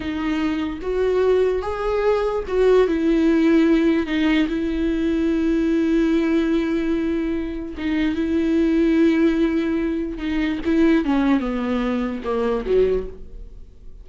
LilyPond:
\new Staff \with { instrumentName = "viola" } { \time 4/4 \tempo 4 = 147 dis'2 fis'2 | gis'2 fis'4 e'4~ | e'2 dis'4 e'4~ | e'1~ |
e'2. dis'4 | e'1~ | e'4 dis'4 e'4 cis'4 | b2 ais4 fis4 | }